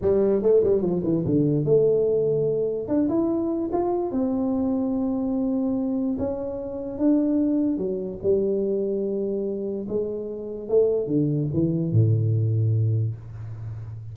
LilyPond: \new Staff \with { instrumentName = "tuba" } { \time 4/4 \tempo 4 = 146 g4 a8 g8 f8 e8 d4 | a2. d'8 e'8~ | e'4 f'4 c'2~ | c'2. cis'4~ |
cis'4 d'2 fis4 | g1 | gis2 a4 d4 | e4 a,2. | }